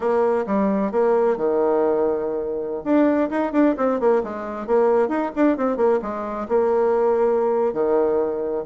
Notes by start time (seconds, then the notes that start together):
0.00 A#3
0.46 G3
0.91 A#3
1.36 D#3
2.84 D4
3.30 D#4
3.52 D4
3.77 C4
3.99 A#3
4.23 G#3
4.66 A#3
5.08 D#4
5.35 D4
5.57 C4
5.76 A#3
6.02 G#3
6.48 A#3
7.73 D#3